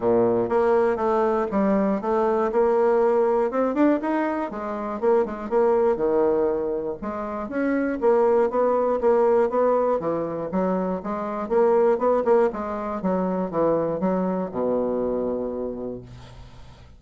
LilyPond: \new Staff \with { instrumentName = "bassoon" } { \time 4/4 \tempo 4 = 120 ais,4 ais4 a4 g4 | a4 ais2 c'8 d'8 | dis'4 gis4 ais8 gis8 ais4 | dis2 gis4 cis'4 |
ais4 b4 ais4 b4 | e4 fis4 gis4 ais4 | b8 ais8 gis4 fis4 e4 | fis4 b,2. | }